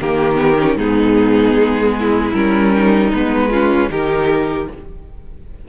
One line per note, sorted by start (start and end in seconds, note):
0.00 0.76 D#3
0.00 0.36 A#3
0.00 0.77 G4
0.00 0.77 A#4
0.36 0.55 B3
0.60 0.79 C#4
0.76 1.54 G#2
0.76 2.34 B3
0.76 1.94 D#4
0.76 2.33 G#4
1.54 2.32 G#3
1.99 2.75 E4
2.33 3.11 G3
2.33 3.12 C#4
2.33 3.11 A#4
2.75 3.50 D#4
3.11 3.89 G#3
3.11 3.52 B3
3.11 3.89 B4
3.50 3.89 C#4
3.50 3.89 F4
3.89 4.67 D#3
3.89 4.67 D#4
3.89 4.68 G4
3.89 4.68 A#4